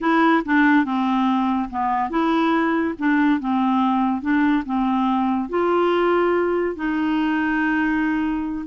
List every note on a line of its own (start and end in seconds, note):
0.00 0.43 E4
0.45 0.84 D4
0.84 1.69 C4
1.70 2.10 B3
2.10 2.94 E4
2.98 3.40 D4
3.40 4.21 C4
4.21 4.63 D4
4.65 5.49 C4
5.49 6.75 F4
6.75 8.65 D#4